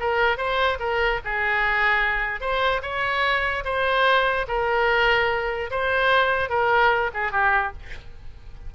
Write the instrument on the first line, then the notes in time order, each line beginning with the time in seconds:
oboe
0.00 A#4
0.37 C5
0.79 A#4
1.25 G#4
2.41 C5
2.82 C#5
3.65 C5
4.48 A#4
5.71 C5
6.49 A#4
7.14 G#4
7.32 G4